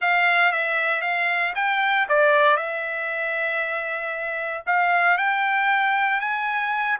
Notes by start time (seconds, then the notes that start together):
0.01 F5
0.51 E5
1.01 F5
1.55 G5
2.08 D5
2.56 E5
4.66 F5
5.17 G5
6.20 G#5